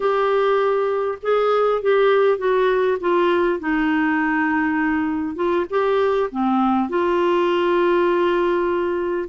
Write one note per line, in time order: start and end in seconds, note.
0.00 1.18 G4
1.22 1.81 G#4
1.81 2.38 G4
2.38 2.98 F#4
3.00 3.59 F4
3.59 5.35 D#4
5.35 5.65 F4
5.69 6.29 G4
6.31 6.89 C4
6.89 9.29 F4